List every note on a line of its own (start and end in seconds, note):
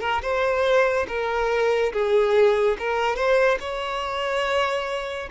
0.00 0.21 A#4
0.22 1.06 C5
1.08 1.92 A#4
1.92 2.77 G#4
2.78 3.16 A#4
3.16 3.58 C5
3.60 5.29 C#5